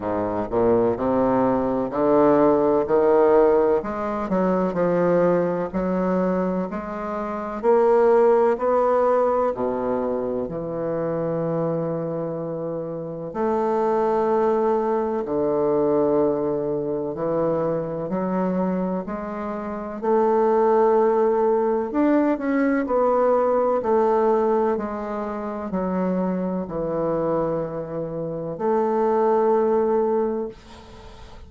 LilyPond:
\new Staff \with { instrumentName = "bassoon" } { \time 4/4 \tempo 4 = 63 gis,8 ais,8 c4 d4 dis4 | gis8 fis8 f4 fis4 gis4 | ais4 b4 b,4 e4~ | e2 a2 |
d2 e4 fis4 | gis4 a2 d'8 cis'8 | b4 a4 gis4 fis4 | e2 a2 | }